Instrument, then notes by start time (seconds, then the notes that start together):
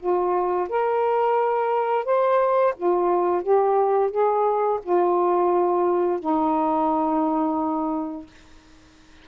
saxophone
0.00 F4
0.69 A#4
2.06 C5
2.77 F4
3.43 G4
4.11 G#4
4.83 F4
6.20 D#4